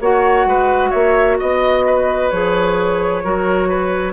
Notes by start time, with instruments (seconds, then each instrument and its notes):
0.00 bassoon A#3, clarinet F#4, oboe C#5, flute F#5
0.45 bassoon G#3, oboe B4
0.90 bassoon A#3, oboe C#5, flute E5
1.39 bassoon B3, oboe D#5, flute D#5
1.86 oboe B4
2.30 bassoon F3, clarinet G#4, flute C#5
3.23 bassoon F#3, clarinet F#4, oboe A#4
3.68 oboe B4